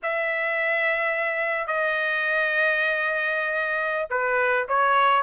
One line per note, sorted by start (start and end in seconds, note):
0.02 1.67 E5
1.67 4.08 D#5
4.10 4.66 B4
4.68 5.22 C#5